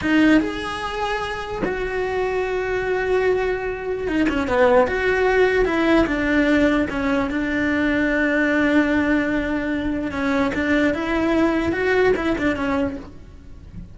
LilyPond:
\new Staff \with { instrumentName = "cello" } { \time 4/4 \tempo 4 = 148 dis'4 gis'2. | fis'1~ | fis'2 dis'8 cis'8 b4 | fis'2 e'4 d'4~ |
d'4 cis'4 d'2~ | d'1~ | d'4 cis'4 d'4 e'4~ | e'4 fis'4 e'8 d'8 cis'4 | }